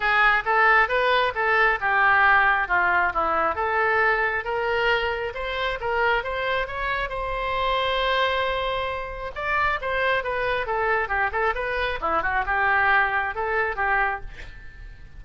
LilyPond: \new Staff \with { instrumentName = "oboe" } { \time 4/4 \tempo 4 = 135 gis'4 a'4 b'4 a'4 | g'2 f'4 e'4 | a'2 ais'2 | c''4 ais'4 c''4 cis''4 |
c''1~ | c''4 d''4 c''4 b'4 | a'4 g'8 a'8 b'4 e'8 fis'8 | g'2 a'4 g'4 | }